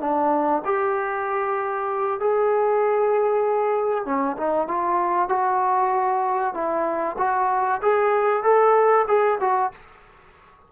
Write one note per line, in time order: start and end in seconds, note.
0.00 0.62 D4
0.65 2.20 G4
2.20 4.05 G#4
4.05 4.37 C#4
4.37 4.68 D#4
4.68 5.29 F4
5.29 6.54 F#4
6.54 7.16 E4
7.18 7.81 F#4
7.82 8.43 G#4
8.43 9.06 A4
9.08 9.39 G#4
9.41 9.72 F#4